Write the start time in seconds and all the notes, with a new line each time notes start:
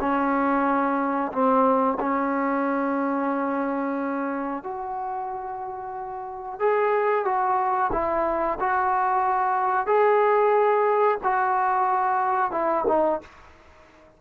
0.00 C#4
1.32 C4
2.00 C#4
4.63 F#4
6.60 G#4
7.25 F#4
7.92 E4
8.60 F#4
9.86 G#4
11.23 F#4
12.52 E4
12.88 D#4